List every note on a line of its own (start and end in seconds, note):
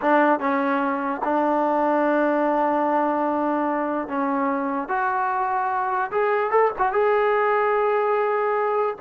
0.01 0.39 D4
0.39 1.21 C#4
1.24 4.08 D4
4.08 4.88 C#4
4.88 6.11 F#4
6.11 6.50 G#4
6.50 6.71 A4
6.78 6.92 F#4
6.92 8.96 G#4